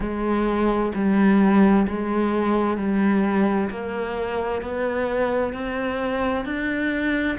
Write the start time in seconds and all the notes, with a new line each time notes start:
0.00 G#3
0.94 G3
1.87 G#3
2.77 G3
3.70 A#3
4.61 B3
5.53 C4
6.45 D4